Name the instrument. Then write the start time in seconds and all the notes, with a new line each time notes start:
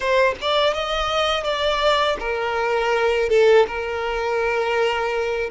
violin
0.00 C5
0.41 D5
0.73 D#5
1.43 D5
2.19 A#4
3.29 A4
3.67 A#4